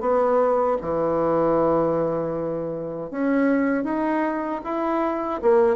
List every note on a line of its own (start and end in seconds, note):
0.00 0.77 B3
0.81 3.10 E3
3.10 3.84 C#4
3.84 4.61 D#4
4.64 5.41 E4
5.42 5.76 A#3